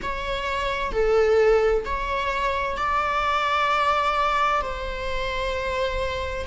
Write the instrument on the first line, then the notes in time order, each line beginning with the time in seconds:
viola
0.02 C#5
0.92 A4
1.85 C#5
2.77 D5
4.61 C5